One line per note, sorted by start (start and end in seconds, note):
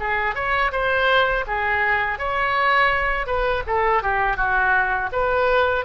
0.00 0.35 G#4
0.35 0.72 C#5
0.72 1.45 C5
1.47 2.19 G#4
2.19 3.27 C#5
3.27 3.63 B4
3.67 4.03 A4
4.03 4.37 G4
4.37 5.10 F#4
5.13 5.85 B4